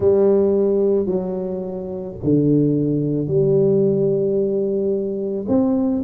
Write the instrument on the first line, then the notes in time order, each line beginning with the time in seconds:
tuba
0.00 G3
1.06 F#3
2.23 D3
3.27 G3
5.47 C4